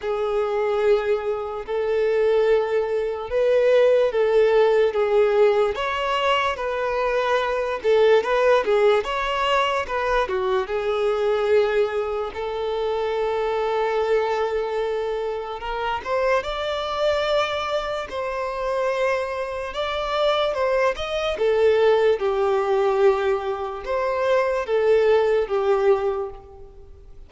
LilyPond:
\new Staff \with { instrumentName = "violin" } { \time 4/4 \tempo 4 = 73 gis'2 a'2 | b'4 a'4 gis'4 cis''4 | b'4. a'8 b'8 gis'8 cis''4 | b'8 fis'8 gis'2 a'4~ |
a'2. ais'8 c''8 | d''2 c''2 | d''4 c''8 dis''8 a'4 g'4~ | g'4 c''4 a'4 g'4 | }